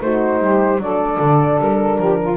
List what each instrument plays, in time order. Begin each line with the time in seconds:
0.00 double bass A3, horn D#4, saxophone F#4, flute C5
0.39 double bass G3, saxophone G4
0.78 double bass F#3, horn D4, saxophone A4, flute D5
1.20 double bass D3
1.59 double bass G3, flute A#4
1.98 double bass F3, saxophone G4
2.21 saxophone F4